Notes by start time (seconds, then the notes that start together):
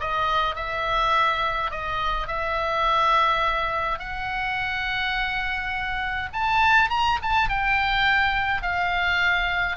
0.00 D#5
0.55 E5
1.71 D#5
2.27 E5
3.99 F#5
6.33 A5
6.90 A#5
7.22 A5
7.49 G5
8.62 F5